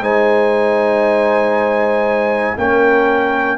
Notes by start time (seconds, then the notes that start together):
0.00 G#3 D#4 C5 G#5
2.57 A#3 C#4 A#4 G5